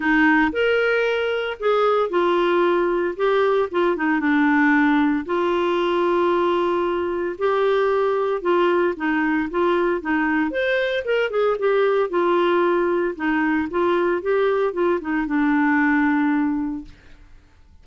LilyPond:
\new Staff \with { instrumentName = "clarinet" } { \time 4/4 \tempo 4 = 114 dis'4 ais'2 gis'4 | f'2 g'4 f'8 dis'8 | d'2 f'2~ | f'2 g'2 |
f'4 dis'4 f'4 dis'4 | c''4 ais'8 gis'8 g'4 f'4~ | f'4 dis'4 f'4 g'4 | f'8 dis'8 d'2. | }